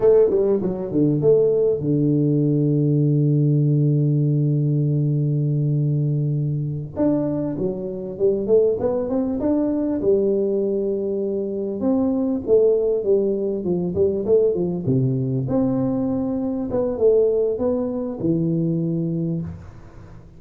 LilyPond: \new Staff \with { instrumentName = "tuba" } { \time 4/4 \tempo 4 = 99 a8 g8 fis8 d8 a4 d4~ | d1~ | d2.~ d8 d'8~ | d'8 fis4 g8 a8 b8 c'8 d'8~ |
d'8 g2. c'8~ | c'8 a4 g4 f8 g8 a8 | f8 c4 c'2 b8 | a4 b4 e2 | }